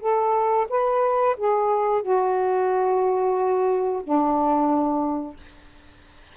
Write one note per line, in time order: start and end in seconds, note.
0.00 0.67 A4
0.69 1.36 B4
1.37 2.02 G#4
2.02 4.02 F#4
4.03 5.36 D4